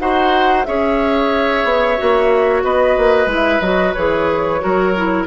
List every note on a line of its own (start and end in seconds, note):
0.00 0.66 D#4
0.00 0.66 F#4
0.00 0.68 C5
0.00 0.65 F#5
0.65 1.65 C#4
0.65 1.98 G#4
0.65 2.64 C#5
0.65 2.63 E5
1.65 1.98 B3
1.98 2.64 A#3
1.98 3.28 F#4
2.64 2.97 B3
2.64 4.62 B4
2.64 3.30 D#5
2.98 3.26 A#3
3.26 3.59 G#3
3.26 3.61 E4
3.35 3.61 E5
3.61 3.95 F#3
3.61 3.96 F#4
3.61 3.94 D#5
3.94 4.63 E3
3.94 4.60 G#4
3.94 5.26 C#5
4.60 5.27 F#3
4.60 4.93 F#4
4.60 5.27 A#4
4.97 5.27 E4